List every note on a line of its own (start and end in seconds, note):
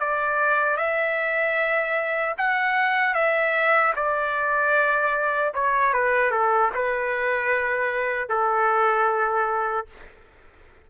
0.00 0.78 D5
0.78 2.35 E5
2.38 3.15 F#5
3.15 3.94 E5
3.96 5.54 D5
5.54 5.94 C#5
5.94 6.31 B4
6.31 6.71 A4
6.75 8.29 B4
8.29 9.87 A4